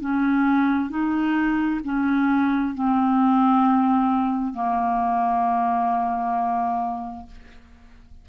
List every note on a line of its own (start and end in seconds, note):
0.00 0.89 C#4
0.89 1.80 D#4
1.84 2.74 C#4
2.74 4.53 C4
4.53 7.26 A#3